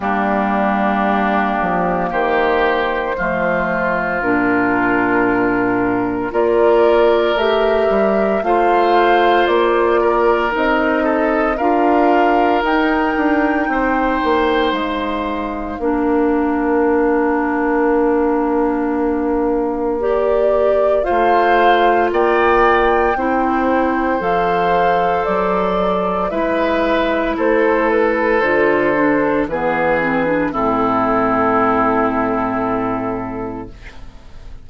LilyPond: <<
  \new Staff \with { instrumentName = "flute" } { \time 4/4 \tempo 4 = 57 g'2 c''2 | ais'2 d''4 e''4 | f''4 d''4 dis''4 f''4 | g''2 f''2~ |
f''2. d''4 | f''4 g''2 f''4 | d''4 e''4 c''8 b'8 c''4 | b'4 a'2. | }
  \new Staff \with { instrumentName = "oboe" } { \time 4/4 d'2 g'4 f'4~ | f'2 ais'2 | c''4. ais'4 a'8 ais'4~ | ais'4 c''2 ais'4~ |
ais'1 | c''4 d''4 c''2~ | c''4 b'4 a'2 | gis'4 e'2. | }
  \new Staff \with { instrumentName = "clarinet" } { \time 4/4 ais2. a4 | d'2 f'4 g'4 | f'2 dis'4 f'4 | dis'2. d'4~ |
d'2. g'4 | f'2 e'4 a'4~ | a'4 e'2 f'8 d'8 | b8 c'16 d'16 c'2. | }
  \new Staff \with { instrumentName = "bassoon" } { \time 4/4 g4. f8 dis4 f4 | ais,2 ais4 a8 g8 | a4 ais4 c'4 d'4 | dis'8 d'8 c'8 ais8 gis4 ais4~ |
ais1 | a4 ais4 c'4 f4 | fis4 gis4 a4 d4 | e4 a,2. | }
>>